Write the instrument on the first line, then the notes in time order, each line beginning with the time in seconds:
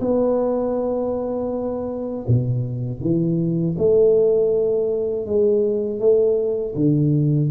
tuba
0.00 B3
2.27 B2
3.00 E3
3.78 A3
5.26 G#3
5.99 A3
6.75 D3